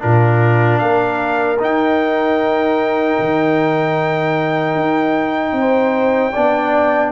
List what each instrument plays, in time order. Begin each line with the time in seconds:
0.00 tuba A#2, trombone D4, horn F4, trumpet A#4
0.79 tuba A#3, horn A#4, trumpet F5
1.59 trombone D#4, tuba D#4, trumpet G5
3.19 tuba D#3
4.75 tuba D#4
5.52 tuba C4
5.59 horn C5
6.32 tuba B3, trombone D4, horn D5